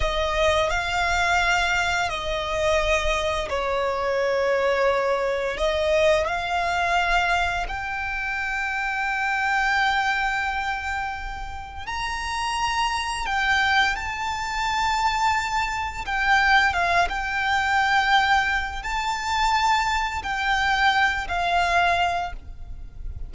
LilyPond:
\new Staff \with { instrumentName = "violin" } { \time 4/4 \tempo 4 = 86 dis''4 f''2 dis''4~ | dis''4 cis''2. | dis''4 f''2 g''4~ | g''1~ |
g''4 ais''2 g''4 | a''2. g''4 | f''8 g''2~ g''8 a''4~ | a''4 g''4. f''4. | }